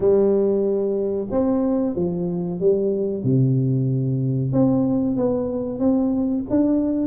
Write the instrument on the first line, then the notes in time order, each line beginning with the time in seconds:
tuba
0.00 G3
1.30 C4
1.95 F3
2.60 G3
3.23 C3
4.52 C4
5.16 B3
5.79 C4
6.50 D4